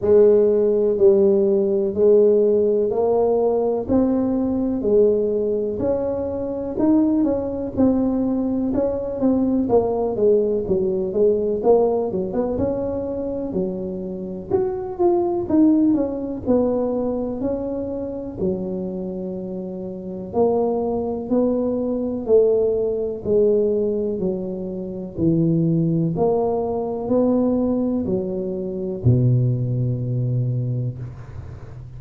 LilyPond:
\new Staff \with { instrumentName = "tuba" } { \time 4/4 \tempo 4 = 62 gis4 g4 gis4 ais4 | c'4 gis4 cis'4 dis'8 cis'8 | c'4 cis'8 c'8 ais8 gis8 fis8 gis8 | ais8 fis16 b16 cis'4 fis4 fis'8 f'8 |
dis'8 cis'8 b4 cis'4 fis4~ | fis4 ais4 b4 a4 | gis4 fis4 e4 ais4 | b4 fis4 b,2 | }